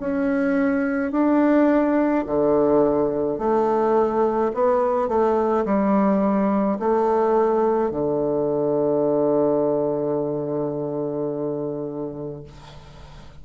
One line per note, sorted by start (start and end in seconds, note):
0.00 1.12 C#4
1.12 2.25 D4
2.26 3.39 D3
3.39 4.52 A3
4.54 5.08 B3
5.08 5.65 A3
5.66 6.79 G3
6.79 7.91 A3
7.91 12.44 D3